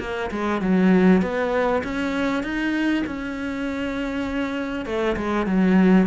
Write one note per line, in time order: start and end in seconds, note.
0.00 0.30 A#3
0.31 0.61 G#3
0.61 1.22 F#3
1.22 1.83 B3
1.84 2.43 C#4
2.43 3.04 D#4
3.07 4.86 C#4
4.86 5.16 A3
5.16 5.47 G#3
5.47 6.07 F#3